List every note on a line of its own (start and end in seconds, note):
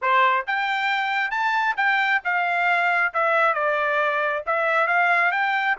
0.01 0.46 C5
0.47 1.31 G5
1.31 1.75 A5
1.77 2.21 G5
2.24 3.13 F5
3.13 3.54 E5
3.54 4.43 D5
4.46 4.87 E5
4.87 5.31 F5
5.31 5.76 G5